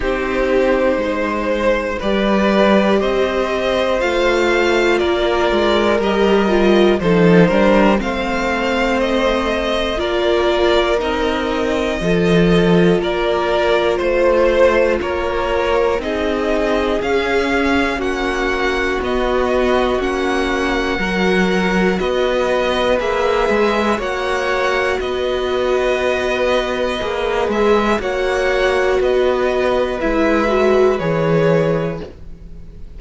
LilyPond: <<
  \new Staff \with { instrumentName = "violin" } { \time 4/4 \tempo 4 = 60 c''2 d''4 dis''4 | f''4 d''4 dis''4 c''4 | f''4 dis''4 d''4 dis''4~ | dis''4 d''4 c''4 cis''4 |
dis''4 f''4 fis''4 dis''4 | fis''2 dis''4 e''4 | fis''4 dis''2~ dis''8 e''8 | fis''4 dis''4 e''4 cis''4 | }
  \new Staff \with { instrumentName = "violin" } { \time 4/4 g'4 c''4 b'4 c''4~ | c''4 ais'2 a'8 ais'8 | c''2 ais'2 | a'4 ais'4 c''4 ais'4 |
gis'2 fis'2~ | fis'4 ais'4 b'2 | cis''4 b'2. | cis''4 b'2. | }
  \new Staff \with { instrumentName = "viola" } { \time 4/4 dis'2 g'2 | f'2 g'8 f'8 dis'8 d'8 | c'2 f'4 dis'4 | f'1 |
dis'4 cis'2 b4 | cis'4 fis'2 gis'4 | fis'2. gis'4 | fis'2 e'8 fis'8 gis'4 | }
  \new Staff \with { instrumentName = "cello" } { \time 4/4 c'4 gis4 g4 c'4 | a4 ais8 gis8 g4 f8 g8 | a2 ais4 c'4 | f4 ais4 a4 ais4 |
c'4 cis'4 ais4 b4 | ais4 fis4 b4 ais8 gis8 | ais4 b2 ais8 gis8 | ais4 b4 gis4 e4 | }
>>